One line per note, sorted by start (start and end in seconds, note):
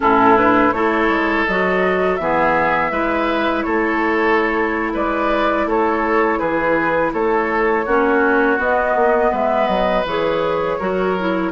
0.00 0.72 A2
0.00 0.36 C#4
0.00 0.74 E4
0.00 0.37 A4
0.36 0.73 D4
0.36 0.72 B4
0.72 1.08 A3
0.72 1.47 E4
0.72 2.21 A4
0.72 1.45 C#5
1.08 1.45 G#3
1.45 2.19 F#3
1.45 2.20 F#4
1.45 2.16 D#5
2.16 2.91 E3
2.16 2.91 B3
2.16 2.91 G#4
2.16 3.62 E5
2.91 3.64 G#3
2.91 7.85 E4
2.91 3.64 B4
3.62 4.94 A3
3.62 4.93 A4
3.62 4.90 C#5
4.93 5.65 G#3
4.93 5.66 B4
4.93 5.68 D5
5.65 6.38 A3
5.65 6.39 A4
5.65 6.39 C#5
6.39 7.13 E3
6.39 7.12 G#4
6.39 7.12 B4
7.13 7.86 A3
7.13 7.85 A4
7.13 8.59 C#5
7.85 8.58 A#3
7.85 8.57 C#4
7.85 9.31 F#4
8.57 10.04 B3
8.57 8.95 B3
8.57 9.34 D#5
8.95 9.32 A#3
9.31 9.68 G#3
9.31 10.77 B4
9.31 9.67 E5
9.67 10.04 F#3
9.67 10.04 D#5
10.05 10.78 E3
10.05 10.79 G#4
10.05 11.52 C#5
10.78 11.52 F#3
10.78 11.16 F#4
10.78 11.52 A#4
11.19 11.52 E4